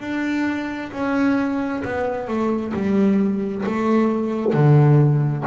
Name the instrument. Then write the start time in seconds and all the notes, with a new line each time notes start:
double bass
0.00 D4
0.92 C#4
1.84 B3
2.27 A3
2.73 G3
3.65 A3
4.52 D3